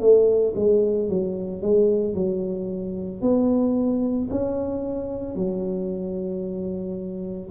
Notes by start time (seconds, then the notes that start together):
0.00 A3
0.56 G#3
1.09 F#3
1.62 G#3
2.14 F#3
3.21 B3
4.30 C#4
5.36 F#3